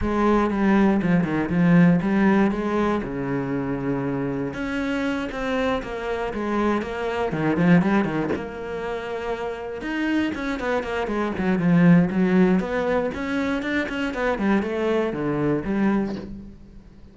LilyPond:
\new Staff \with { instrumentName = "cello" } { \time 4/4 \tempo 4 = 119 gis4 g4 f8 dis8 f4 | g4 gis4 cis2~ | cis4 cis'4. c'4 ais8~ | ais8 gis4 ais4 dis8 f8 g8 |
dis8 ais2. dis'8~ | dis'8 cis'8 b8 ais8 gis8 fis8 f4 | fis4 b4 cis'4 d'8 cis'8 | b8 g8 a4 d4 g4 | }